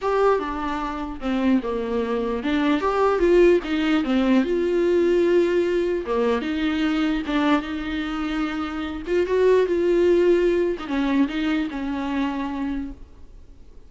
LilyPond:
\new Staff \with { instrumentName = "viola" } { \time 4/4 \tempo 4 = 149 g'4 d'2 c'4 | ais2 d'4 g'4 | f'4 dis'4 c'4 f'4~ | f'2. ais4 |
dis'2 d'4 dis'4~ | dis'2~ dis'8 f'8 fis'4 | f'2~ f'8. dis'16 cis'4 | dis'4 cis'2. | }